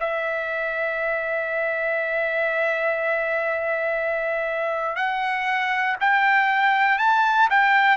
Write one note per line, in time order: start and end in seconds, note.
0.00 4.96 E5
4.96 5.96 F#5
6.01 6.99 G5
6.99 7.49 A5
7.50 7.97 G5